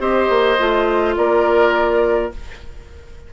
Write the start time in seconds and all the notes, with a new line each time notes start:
0.00 C4 G4 C5 D#5
0.30 A#3
0.59 A3 F4
1.17 A#3 A#4 D5